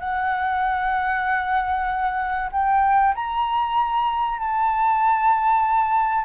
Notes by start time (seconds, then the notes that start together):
0.00 F#5
2.52 G5
3.15 A#5
4.39 A5